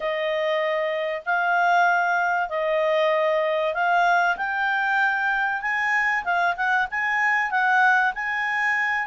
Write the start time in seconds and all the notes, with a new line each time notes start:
0.00 D#5
1.25 F5
2.49 D#5
3.74 F5
4.37 G5
5.61 G#5
6.24 F5
6.56 F#5
6.90 G#5
7.50 F#5
8.14 G#5